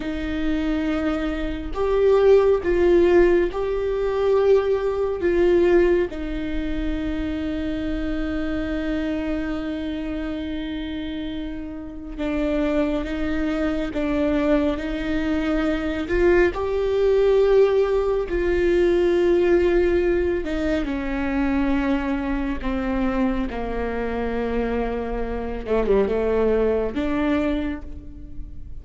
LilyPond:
\new Staff \with { instrumentName = "viola" } { \time 4/4 \tempo 4 = 69 dis'2 g'4 f'4 | g'2 f'4 dis'4~ | dis'1~ | dis'2 d'4 dis'4 |
d'4 dis'4. f'8 g'4~ | g'4 f'2~ f'8 dis'8 | cis'2 c'4 ais4~ | ais4. a16 g16 a4 d'4 | }